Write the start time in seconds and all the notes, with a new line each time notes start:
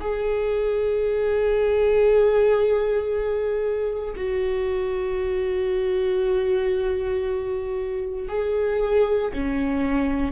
0.00 G#4
4.17 F#4
8.29 G#4
9.33 C#4